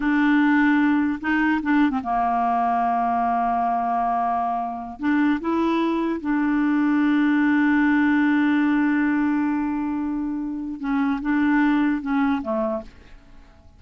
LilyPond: \new Staff \with { instrumentName = "clarinet" } { \time 4/4 \tempo 4 = 150 d'2. dis'4 | d'8. c'16 ais2.~ | ais1~ | ais8 d'4 e'2 d'8~ |
d'1~ | d'1~ | d'2. cis'4 | d'2 cis'4 a4 | }